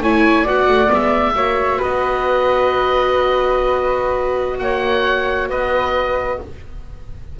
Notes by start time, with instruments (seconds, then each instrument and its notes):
0.00 double bass A3, viola E4, flute C#5, oboe G#5
0.42 double bass B3, viola F#4, flute D5, oboe F#5
0.68 double bass A3
0.87 double bass G#3, viola B3
0.93 oboe E5
1.35 double bass A#3, viola F#4, flute C#5
1.78 double bass B3, flute B4, oboe D#5
4.59 double bass A#3, flute C#5, oboe F#5
5.50 double bass B3, flute B4, oboe D#5